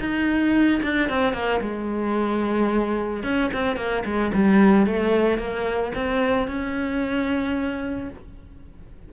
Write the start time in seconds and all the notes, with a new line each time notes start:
0.00 D#4
0.83 D4
1.09 C4
1.33 A#3
1.61 G#3
3.23 C#4
3.53 C4
3.76 A#3
4.05 G#3
4.34 G3
4.86 A3
5.38 A#3
5.95 C4
6.48 C#4